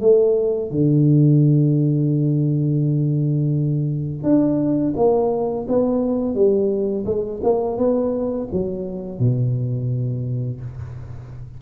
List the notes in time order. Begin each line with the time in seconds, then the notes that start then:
0.00 A3
0.70 D3
4.23 D4
4.95 A#3
5.68 B3
6.34 G3
7.05 G#3
7.43 A#3
7.77 B3
8.52 F#3
9.19 B2